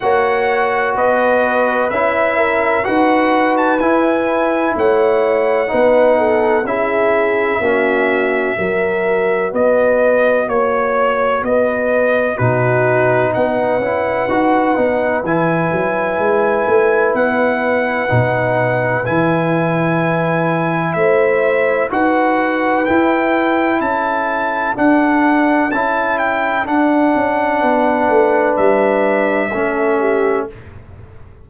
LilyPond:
<<
  \new Staff \with { instrumentName = "trumpet" } { \time 4/4 \tempo 4 = 63 fis''4 dis''4 e''4 fis''8. a''16 | gis''4 fis''2 e''4~ | e''2 dis''4 cis''4 | dis''4 b'4 fis''2 |
gis''2 fis''2 | gis''2 e''4 fis''4 | g''4 a''4 fis''4 a''8 g''8 | fis''2 e''2 | }
  \new Staff \with { instrumentName = "horn" } { \time 4/4 cis''4 b'4. ais'8 b'4~ | b'4 cis''4 b'8 a'8 gis'4 | fis'4 ais'4 b'4 cis''4 | b'4 fis'4 b'2~ |
b'1~ | b'2 c''4 b'4~ | b'4 a'2.~ | a'4 b'2 a'8 g'8 | }
  \new Staff \with { instrumentName = "trombone" } { \time 4/4 fis'2 e'4 fis'4 | e'2 dis'4 e'4 | cis'4 fis'2.~ | fis'4 dis'4. e'8 fis'8 dis'8 |
e'2. dis'4 | e'2. fis'4 | e'2 d'4 e'4 | d'2. cis'4 | }
  \new Staff \with { instrumentName = "tuba" } { \time 4/4 ais4 b4 cis'4 dis'4 | e'4 a4 b4 cis'4 | ais4 fis4 b4 ais4 | b4 b,4 b8 cis'8 dis'8 b8 |
e8 fis8 gis8 a8 b4 b,4 | e2 a4 dis'4 | e'4 cis'4 d'4 cis'4 | d'8 cis'8 b8 a8 g4 a4 | }
>>